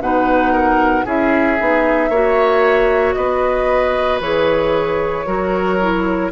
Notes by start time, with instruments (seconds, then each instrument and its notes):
0.00 bassoon B2, clarinet D#4, oboe B4, flute F#5
0.53 oboe A#4
1.05 bassoon C#4, clarinet E4, oboe G#4, flute E5
1.58 bassoon B3, clarinet D#4
2.09 bassoon A#3, clarinet F#4, oboe C#5
3.14 bassoon B3, oboe B4, flute D#5
4.21 bassoon E3, clarinet G#4, flute C#5
5.26 bassoon F#3, clarinet F#4, oboe A#4
5.81 clarinet E4